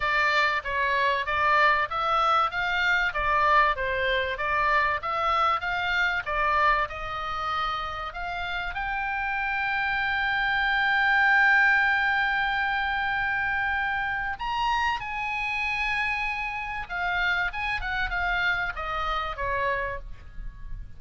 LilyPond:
\new Staff \with { instrumentName = "oboe" } { \time 4/4 \tempo 4 = 96 d''4 cis''4 d''4 e''4 | f''4 d''4 c''4 d''4 | e''4 f''4 d''4 dis''4~ | dis''4 f''4 g''2~ |
g''1~ | g''2. ais''4 | gis''2. f''4 | gis''8 fis''8 f''4 dis''4 cis''4 | }